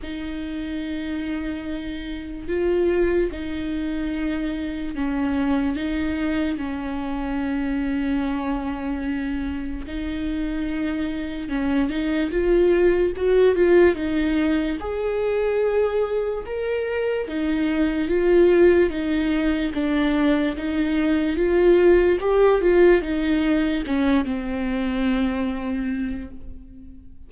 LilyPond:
\new Staff \with { instrumentName = "viola" } { \time 4/4 \tempo 4 = 73 dis'2. f'4 | dis'2 cis'4 dis'4 | cis'1 | dis'2 cis'8 dis'8 f'4 |
fis'8 f'8 dis'4 gis'2 | ais'4 dis'4 f'4 dis'4 | d'4 dis'4 f'4 g'8 f'8 | dis'4 cis'8 c'2~ c'8 | }